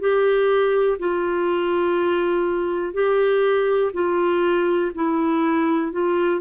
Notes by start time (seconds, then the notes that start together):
0.00 G4
0.99 F4
2.94 G4
3.93 F4
4.95 E4
5.92 F4